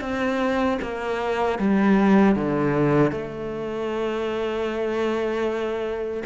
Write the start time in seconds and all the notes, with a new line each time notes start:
0.00 C4
0.82 A#3
1.58 G3
2.35 D3
3.11 A3